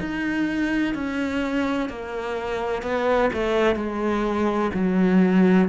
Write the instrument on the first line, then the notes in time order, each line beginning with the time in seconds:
cello
0.00 D#4
0.94 C#4
1.89 A#3
2.82 B3
3.33 A3
3.76 G#3
4.74 F#3